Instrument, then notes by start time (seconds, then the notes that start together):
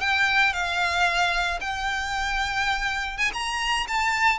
violin
0.00 G5
0.53 F5
1.60 G5
3.17 G#5
3.33 A#5
3.87 A5